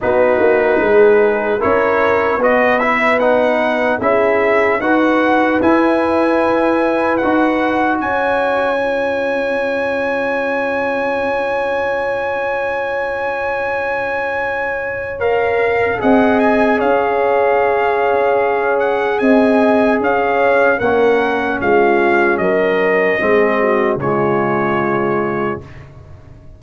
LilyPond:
<<
  \new Staff \with { instrumentName = "trumpet" } { \time 4/4 \tempo 4 = 75 b'2 cis''4 dis''8 e''8 | fis''4 e''4 fis''4 gis''4~ | gis''4 fis''4 gis''2~ | gis''1~ |
gis''2. f''4 | fis''8 gis''8 f''2~ f''8 fis''8 | gis''4 f''4 fis''4 f''4 | dis''2 cis''2 | }
  \new Staff \with { instrumentName = "horn" } { \time 4/4 fis'4 gis'4 ais'4 b'4~ | b'4 gis'4 b'2~ | b'2 cis''2~ | cis''1~ |
cis''1 | dis''4 cis''2. | dis''4 cis''4 ais'4 f'4 | ais'4 gis'8 fis'8 f'2 | }
  \new Staff \with { instrumentName = "trombone" } { \time 4/4 dis'2 e'4 fis'8 e'8 | dis'4 e'4 fis'4 e'4~ | e'4 fis'2 f'4~ | f'1~ |
f'2. ais'4 | gis'1~ | gis'2 cis'2~ | cis'4 c'4 gis2 | }
  \new Staff \with { instrumentName = "tuba" } { \time 4/4 b8 ais8 gis4 cis'4 b4~ | b4 cis'4 dis'4 e'4~ | e'4 dis'4 cis'2~ | cis'1~ |
cis'1 | c'4 cis'2. | c'4 cis'4 ais4 gis4 | fis4 gis4 cis2 | }
>>